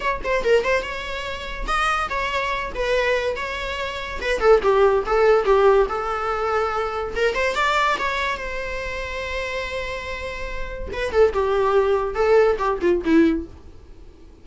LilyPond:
\new Staff \with { instrumentName = "viola" } { \time 4/4 \tempo 4 = 143 cis''8 c''8 ais'8 c''8 cis''2 | dis''4 cis''4. b'4. | cis''2 b'8 a'8 g'4 | a'4 g'4 a'2~ |
a'4 ais'8 c''8 d''4 cis''4 | c''1~ | c''2 b'8 a'8 g'4~ | g'4 a'4 g'8 f'8 e'4 | }